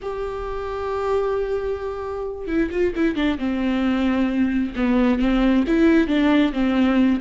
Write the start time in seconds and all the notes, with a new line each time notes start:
0.02 G4
2.47 E4
2.71 F4
2.95 E4
3.15 D4
3.38 C4
4.76 B3
5.19 C4
5.67 E4
6.07 D4
6.52 C4